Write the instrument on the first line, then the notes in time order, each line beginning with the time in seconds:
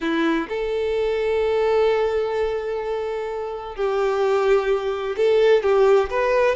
violin
0.00 E4
0.49 A4
3.75 G4
5.16 A4
5.62 G4
6.09 B4